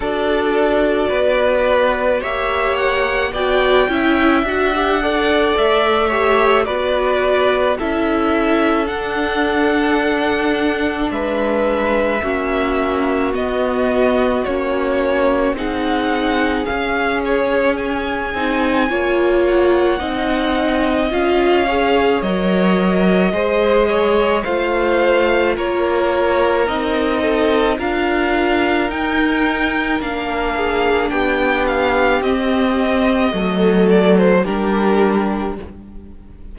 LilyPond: <<
  \new Staff \with { instrumentName = "violin" } { \time 4/4 \tempo 4 = 54 d''2 e''8 fis''8 g''4 | fis''4 e''4 d''4 e''4 | fis''2 e''2 | dis''4 cis''4 fis''4 f''8 cis''8 |
gis''4. fis''4. f''4 | dis''2 f''4 cis''4 | dis''4 f''4 g''4 f''4 | g''8 f''8 dis''4. d''16 c''16 ais'4 | }
  \new Staff \with { instrumentName = "violin" } { \time 4/4 a'4 b'4 cis''4 d''8 e''8~ | e''8 d''4 cis''8 b'4 a'4~ | a'2 b'4 fis'4~ | fis'2 gis'2~ |
gis'4 cis''4 dis''4. cis''8~ | cis''4 c''8 cis''8 c''4 ais'4~ | ais'8 a'8 ais'2~ ais'8 gis'8 | g'2 a'4 g'4 | }
  \new Staff \with { instrumentName = "viola" } { \time 4/4 fis'2 g'4 fis'8 e'8 | fis'16 g'16 a'4 g'8 fis'4 e'4 | d'2. cis'4 | b4 cis'4 dis'4 cis'4~ |
cis'8 dis'8 f'4 dis'4 f'8 gis'8 | ais'4 gis'4 f'2 | dis'4 f'4 dis'4 d'4~ | d'4 c'4 a4 d'4 | }
  \new Staff \with { instrumentName = "cello" } { \time 4/4 d'4 b4 ais4 b8 cis'8 | d'4 a4 b4 cis'4 | d'2 gis4 ais4 | b4 ais4 c'4 cis'4~ |
cis'8 c'8 ais4 c'4 cis'4 | fis4 gis4 a4 ais4 | c'4 d'4 dis'4 ais4 | b4 c'4 fis4 g4 | }
>>